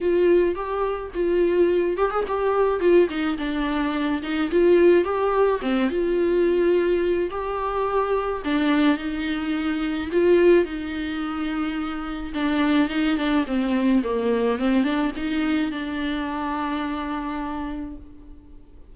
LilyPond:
\new Staff \with { instrumentName = "viola" } { \time 4/4 \tempo 4 = 107 f'4 g'4 f'4. g'16 gis'16 | g'4 f'8 dis'8 d'4. dis'8 | f'4 g'4 c'8 f'4.~ | f'4 g'2 d'4 |
dis'2 f'4 dis'4~ | dis'2 d'4 dis'8 d'8 | c'4 ais4 c'8 d'8 dis'4 | d'1 | }